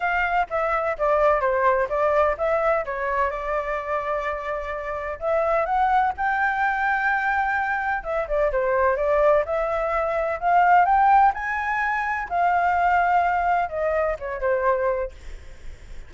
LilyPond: \new Staff \with { instrumentName = "flute" } { \time 4/4 \tempo 4 = 127 f''4 e''4 d''4 c''4 | d''4 e''4 cis''4 d''4~ | d''2. e''4 | fis''4 g''2.~ |
g''4 e''8 d''8 c''4 d''4 | e''2 f''4 g''4 | gis''2 f''2~ | f''4 dis''4 cis''8 c''4. | }